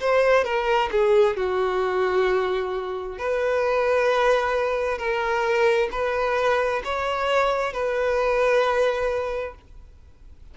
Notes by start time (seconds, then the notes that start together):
0.00 C5
0.44 A#4
0.91 G#4
1.36 F#4
3.18 B4
4.98 A#4
5.91 B4
6.84 C#5
7.72 B4